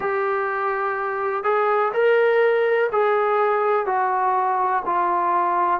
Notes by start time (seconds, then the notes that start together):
0.00 G4
1.43 G#4
1.93 A#4
2.92 G#4
3.85 F#4
4.85 F4